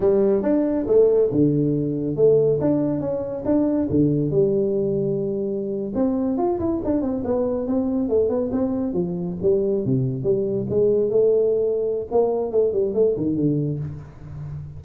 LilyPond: \new Staff \with { instrumentName = "tuba" } { \time 4/4 \tempo 4 = 139 g4 d'4 a4 d4~ | d4 a4 d'4 cis'4 | d'4 d4 g2~ | g4.~ g16 c'4 f'8 e'8 d'16~ |
d'16 c'8 b4 c'4 a8 b8 c'16~ | c'8. f4 g4 c4 g16~ | g8. gis4 a2~ a16 | ais4 a8 g8 a8 dis8 d4 | }